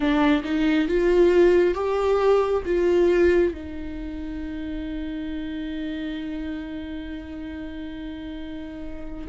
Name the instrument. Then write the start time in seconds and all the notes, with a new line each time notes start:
viola
0.00 D4
0.44 D#4
0.88 F4
1.74 G4
2.65 F4
3.53 D#4